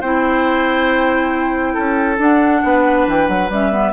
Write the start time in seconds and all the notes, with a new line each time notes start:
0.00 C4 E4 C5 G5
1.73 C#4 A4
2.18 D4 F#5
2.63 B3 B4
3.07 E3 G5
3.27 F#3 F#5
3.49 G3 C#4 E5
3.71 B3